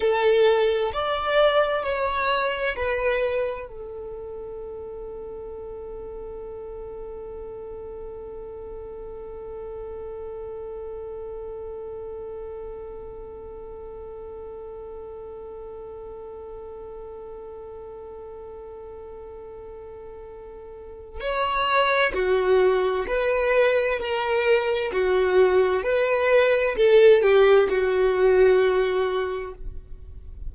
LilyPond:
\new Staff \with { instrumentName = "violin" } { \time 4/4 \tempo 4 = 65 a'4 d''4 cis''4 b'4 | a'1~ | a'1~ | a'1~ |
a'1~ | a'2. cis''4 | fis'4 b'4 ais'4 fis'4 | b'4 a'8 g'8 fis'2 | }